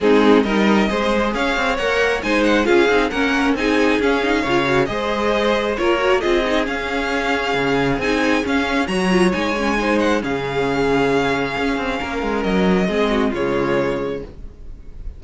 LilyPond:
<<
  \new Staff \with { instrumentName = "violin" } { \time 4/4 \tempo 4 = 135 gis'4 dis''2 f''4 | fis''4 gis''8 fis''8 f''4 fis''4 | gis''4 f''2 dis''4~ | dis''4 cis''4 dis''4 f''4~ |
f''2 gis''4 f''4 | ais''4 gis''4. fis''8 f''4~ | f''1 | dis''2 cis''2 | }
  \new Staff \with { instrumentName = "violin" } { \time 4/4 dis'4 ais'4 c''4 cis''4~ | cis''4 c''4 gis'4 ais'4 | gis'2 cis''4 c''4~ | c''4 ais'4 gis'2~ |
gis'1 | cis''2 c''4 gis'4~ | gis'2. ais'4~ | ais'4 gis'8 fis'8 f'2 | }
  \new Staff \with { instrumentName = "viola" } { \time 4/4 c'4 dis'4 gis'2 | ais'4 dis'4 f'8 dis'8 cis'4 | dis'4 cis'8 dis'8 f'8 fis'8 gis'4~ | gis'4 f'8 fis'8 f'8 dis'8 cis'4~ |
cis'2 dis'4 cis'4 | fis'8 f'8 dis'8 cis'8 dis'4 cis'4~ | cis'1~ | cis'4 c'4 gis2 | }
  \new Staff \with { instrumentName = "cello" } { \time 4/4 gis4 g4 gis4 cis'8 c'8 | ais4 gis4 cis'8 c'8 ais4 | c'4 cis'4 cis4 gis4~ | gis4 ais4 c'4 cis'4~ |
cis'4 cis4 c'4 cis'4 | fis4 gis2 cis4~ | cis2 cis'8 c'8 ais8 gis8 | fis4 gis4 cis2 | }
>>